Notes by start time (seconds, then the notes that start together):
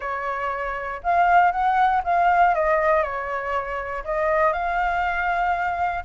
0.00 C#5
1.03 F5
1.51 F#5
2.04 F5
2.54 D#5
3.02 C#5
4.04 D#5
4.52 F5